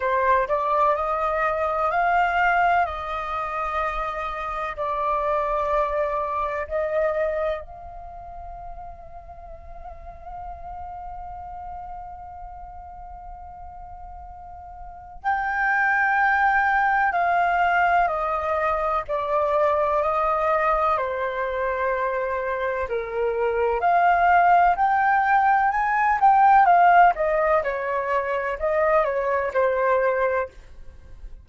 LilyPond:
\new Staff \with { instrumentName = "flute" } { \time 4/4 \tempo 4 = 63 c''8 d''8 dis''4 f''4 dis''4~ | dis''4 d''2 dis''4 | f''1~ | f''1 |
g''2 f''4 dis''4 | d''4 dis''4 c''2 | ais'4 f''4 g''4 gis''8 g''8 | f''8 dis''8 cis''4 dis''8 cis''8 c''4 | }